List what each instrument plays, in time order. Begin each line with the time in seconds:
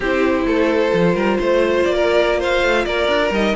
0.00 cello C4, viola E4, violin G4 C5
0.45 cello A3, violin A4
0.89 cello F3, viola F4
1.14 cello G3, violin A#4
1.38 cello A3, violin C5
1.83 cello A#3, violin D5
1.94 violin A#4
2.39 violin C5 F5
2.63 cello A3
2.85 cello A#3, violin A#4 D5
3.08 cello D4
3.30 cello G3, viola D#4, violin D#5